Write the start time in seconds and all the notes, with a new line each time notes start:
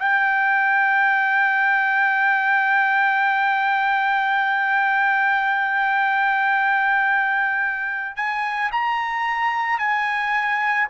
0.00 G5
8.16 G#5
8.72 A#5
9.79 G#5